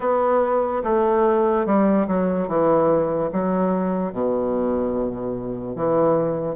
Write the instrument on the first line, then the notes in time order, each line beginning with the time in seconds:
bassoon
0.00 B3
0.83 A3
1.66 G3
2.07 F#3
2.48 E3
3.32 F#3
4.12 B2
5.75 E3